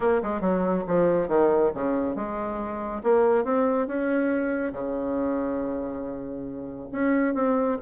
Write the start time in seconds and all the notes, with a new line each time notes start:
0.00 A#3
0.22 G#3
0.40 F#3
0.87 F3
1.28 D#3
1.74 C#3
2.15 G#3
3.03 A#3
3.44 C4
3.87 C#4
4.72 C#3
6.92 C#4
7.34 C4